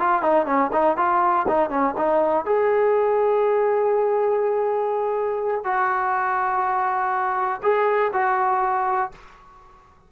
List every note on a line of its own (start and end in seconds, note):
0.00 0.23 F4
0.23 0.46 D#4
0.46 0.71 C#4
0.73 0.97 D#4
0.97 1.46 F4
1.49 1.70 D#4
1.70 1.95 C#4
1.98 2.46 D#4
2.46 5.65 G#4
5.65 7.61 F#4
7.63 8.12 G#4
8.13 9.12 F#4